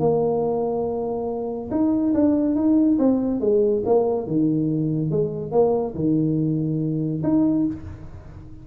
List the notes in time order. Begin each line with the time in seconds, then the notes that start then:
0.00 A#3
1.71 D#4
2.15 D4
2.56 D#4
2.99 C4
3.41 G#3
3.86 A#3
4.27 D#3
5.11 G#3
5.52 A#3
5.95 D#3
7.24 D#4